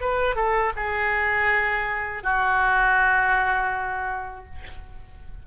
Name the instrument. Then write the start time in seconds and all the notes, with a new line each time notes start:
oboe
0.00 B4
0.35 A4
0.76 G#4
2.23 F#4